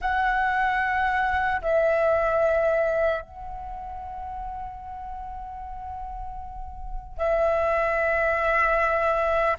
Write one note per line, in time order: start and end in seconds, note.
0.01 1.61 F#5
1.61 3.21 E5
3.21 7.17 F#5
7.17 9.57 E5